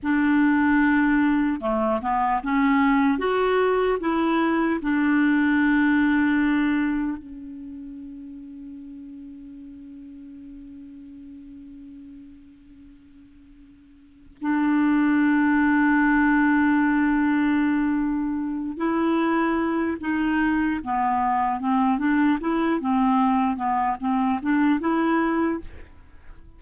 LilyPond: \new Staff \with { instrumentName = "clarinet" } { \time 4/4 \tempo 4 = 75 d'2 a8 b8 cis'4 | fis'4 e'4 d'2~ | d'4 cis'2.~ | cis'1~ |
cis'2 d'2~ | d'2.~ d'8 e'8~ | e'4 dis'4 b4 c'8 d'8 | e'8 c'4 b8 c'8 d'8 e'4 | }